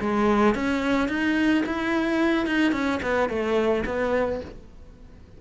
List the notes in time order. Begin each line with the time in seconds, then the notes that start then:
0.00 G#3
0.55 C#4
1.08 D#4
1.66 E4
2.46 D#4
2.72 C#4
3.02 B3
3.29 A3
3.85 B3